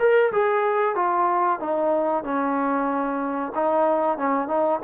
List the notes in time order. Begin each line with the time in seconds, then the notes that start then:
0.00 A#4
0.33 G#4
0.96 F4
1.60 D#4
2.24 C#4
3.55 D#4
4.18 C#4
4.48 D#4